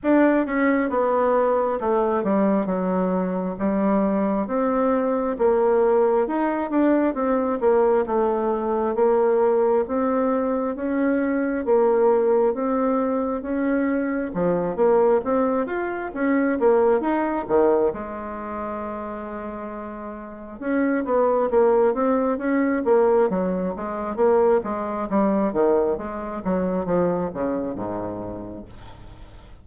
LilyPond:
\new Staff \with { instrumentName = "bassoon" } { \time 4/4 \tempo 4 = 67 d'8 cis'8 b4 a8 g8 fis4 | g4 c'4 ais4 dis'8 d'8 | c'8 ais8 a4 ais4 c'4 | cis'4 ais4 c'4 cis'4 |
f8 ais8 c'8 f'8 cis'8 ais8 dis'8 dis8 | gis2. cis'8 b8 | ais8 c'8 cis'8 ais8 fis8 gis8 ais8 gis8 | g8 dis8 gis8 fis8 f8 cis8 gis,4 | }